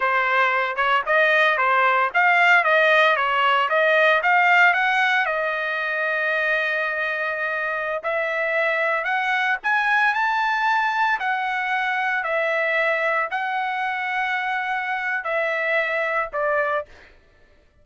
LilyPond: \new Staff \with { instrumentName = "trumpet" } { \time 4/4 \tempo 4 = 114 c''4. cis''8 dis''4 c''4 | f''4 dis''4 cis''4 dis''4 | f''4 fis''4 dis''2~ | dis''2.~ dis''16 e''8.~ |
e''4~ e''16 fis''4 gis''4 a''8.~ | a''4~ a''16 fis''2 e''8.~ | e''4~ e''16 fis''2~ fis''8.~ | fis''4 e''2 d''4 | }